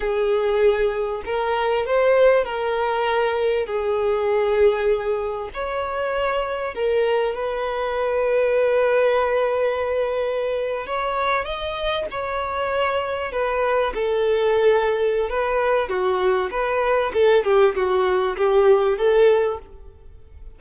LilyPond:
\new Staff \with { instrumentName = "violin" } { \time 4/4 \tempo 4 = 98 gis'2 ais'4 c''4 | ais'2 gis'2~ | gis'4 cis''2 ais'4 | b'1~ |
b'4.~ b'16 cis''4 dis''4 cis''16~ | cis''4.~ cis''16 b'4 a'4~ a'16~ | a'4 b'4 fis'4 b'4 | a'8 g'8 fis'4 g'4 a'4 | }